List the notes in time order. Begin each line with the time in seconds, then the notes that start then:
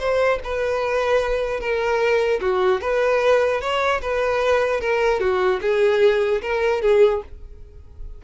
0.00 C5
0.44 B4
1.61 A#4
2.41 F#4
2.81 B4
3.61 C#5
4.02 B4
4.81 A#4
5.21 F#4
5.62 G#4
6.42 A#4
6.82 G#4